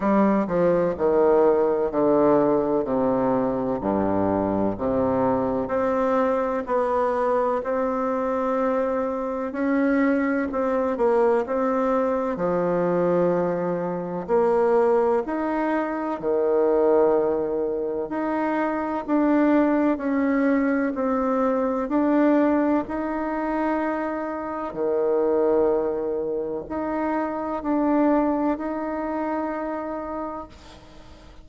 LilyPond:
\new Staff \with { instrumentName = "bassoon" } { \time 4/4 \tempo 4 = 63 g8 f8 dis4 d4 c4 | g,4 c4 c'4 b4 | c'2 cis'4 c'8 ais8 | c'4 f2 ais4 |
dis'4 dis2 dis'4 | d'4 cis'4 c'4 d'4 | dis'2 dis2 | dis'4 d'4 dis'2 | }